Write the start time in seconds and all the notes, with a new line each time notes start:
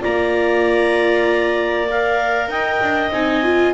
0.00 A#3 F4 D5 A#5
1.89 A#4 F5
2.48 D#4 D#5 G5
2.82 D4
3.10 C4 D#4 G#5
3.43 F4